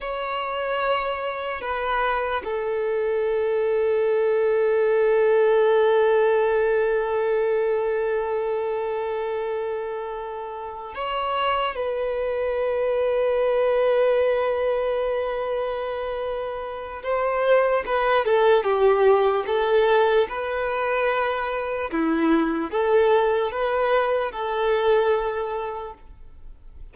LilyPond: \new Staff \with { instrumentName = "violin" } { \time 4/4 \tempo 4 = 74 cis''2 b'4 a'4~ | a'1~ | a'1~ | a'4. cis''4 b'4.~ |
b'1~ | b'4 c''4 b'8 a'8 g'4 | a'4 b'2 e'4 | a'4 b'4 a'2 | }